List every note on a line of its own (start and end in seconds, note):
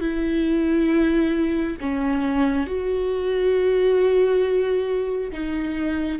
0.00 1.76 E4
1.80 2.66 C#4
2.66 5.31 F#4
5.31 6.19 D#4